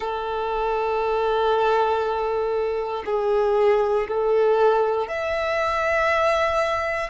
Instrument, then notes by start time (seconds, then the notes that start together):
violin
0.00 A4
3.05 G#4
4.08 A4
5.08 E5